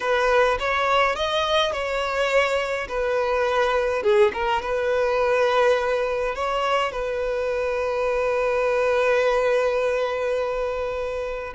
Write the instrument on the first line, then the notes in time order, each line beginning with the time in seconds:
violin
0.00 B4
0.59 C#5
1.15 D#5
1.72 C#5
2.88 B4
4.03 G#4
4.33 A#4
4.62 B4
6.35 C#5
6.92 B4